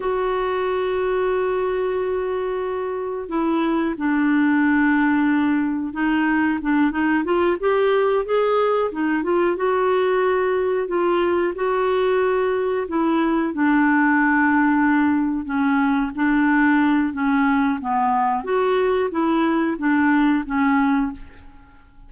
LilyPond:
\new Staff \with { instrumentName = "clarinet" } { \time 4/4 \tempo 4 = 91 fis'1~ | fis'4 e'4 d'2~ | d'4 dis'4 d'8 dis'8 f'8 g'8~ | g'8 gis'4 dis'8 f'8 fis'4.~ |
fis'8 f'4 fis'2 e'8~ | e'8 d'2. cis'8~ | cis'8 d'4. cis'4 b4 | fis'4 e'4 d'4 cis'4 | }